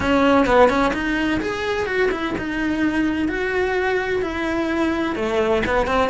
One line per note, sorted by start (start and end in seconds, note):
0.00 0.46 C#4
0.46 0.69 B3
0.69 0.92 C#4
0.93 1.40 D#4
1.41 1.86 G#4
1.86 2.09 F#4
2.11 2.34 E4
2.38 3.28 D#4
3.28 4.22 F#4
4.22 5.15 E4
5.15 5.62 A3
5.66 5.86 B3
5.86 6.09 C4